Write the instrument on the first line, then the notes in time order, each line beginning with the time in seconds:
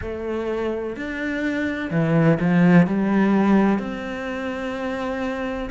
cello
0.01 A3
0.96 D4
1.90 E3
2.40 F3
2.87 G3
3.78 C4